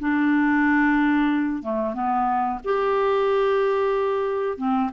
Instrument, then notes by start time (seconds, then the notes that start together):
clarinet
0.00 D4
1.63 A3
1.94 B3
2.64 G4
4.58 C4